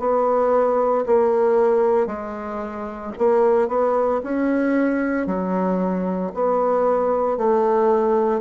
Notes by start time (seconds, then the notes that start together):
0.00 B3
1.07 A#3
2.07 G#3
3.19 A#3
3.69 B3
4.23 C#4
5.27 F#3
6.35 B3
7.38 A3